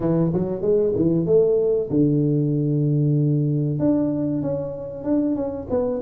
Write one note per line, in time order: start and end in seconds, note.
0.00 0.32 E3
0.33 0.61 F#3
0.61 0.93 G#3
0.95 1.25 E3
1.25 1.89 A3
1.89 3.79 D3
3.79 4.42 D4
4.42 5.04 C#4
5.04 5.35 D4
5.35 5.67 C#4
5.70 6.01 B3